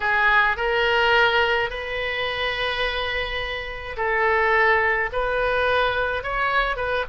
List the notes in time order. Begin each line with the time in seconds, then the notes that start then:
0.00 G#4
0.57 A#4
1.70 B4
3.96 A4
5.12 B4
6.23 C#5
6.76 B4